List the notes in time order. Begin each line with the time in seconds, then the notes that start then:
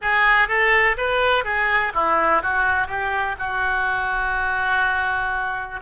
0.01 G#4
0.48 A4
0.97 B4
1.44 G#4
1.94 E4
2.42 F#4
2.87 G4
3.39 F#4